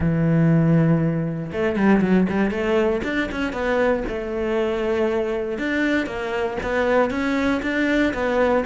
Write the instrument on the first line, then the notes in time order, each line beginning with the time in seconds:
cello
0.00 E3
1.52 A3
1.75 G3
2.01 F#3
2.29 G3
2.50 A3
3.04 D4
3.31 C#4
3.52 B3
4.08 A3
5.58 D4
6.06 A#3
6.62 B3
7.10 C#4
7.62 D4
8.13 B3